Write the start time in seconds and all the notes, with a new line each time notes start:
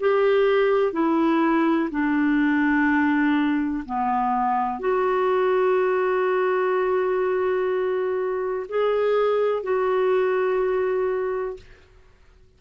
0.00 G4
0.93 E4
1.91 D4
3.86 B3
4.80 F#4
8.69 G#4
9.63 F#4